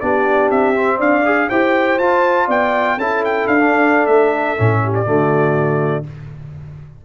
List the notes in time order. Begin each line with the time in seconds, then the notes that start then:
0.00 B3 D4 G4 D5
0.50 C4 E5
0.74 C4
0.97 D4 D5 F5
1.25 G#4
1.49 E4 G4 C5 G5
1.98 F4 A5
2.47 B3 D5 G5
2.97 C#4 E4 A4 A5
3.24 G5
3.47 D4 F5
3.59 D4
4.06 A3 E5
4.57 A2 C#4
4.83 G4
4.94 D5
5.05 D3 A3 F#4